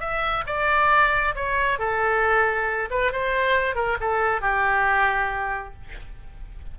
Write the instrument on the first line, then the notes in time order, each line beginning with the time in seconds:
oboe
0.00 E5
0.47 D5
1.35 C#5
1.79 A4
2.91 B4
3.12 C5
3.75 A#4
4.00 A4
4.41 G4